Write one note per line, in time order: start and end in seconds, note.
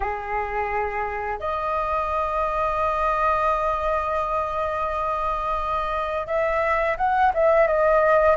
0.00 1.39 G#4
1.40 6.26 D#5
6.26 6.96 E5
6.97 7.32 F#5
7.34 7.67 E5
7.67 8.37 D#5